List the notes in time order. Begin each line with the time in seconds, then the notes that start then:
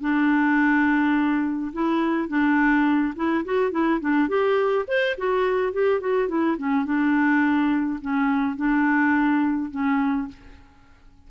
0.00 D4
1.72 E4
2.28 D4
3.15 E4
3.44 F#4
3.71 E4
4.00 D4
4.28 G4
4.87 C5
5.17 F#4
5.72 G4
6.00 F#4
6.28 E4
6.57 C#4
6.85 D4
8.01 C#4
8.56 D4
9.70 C#4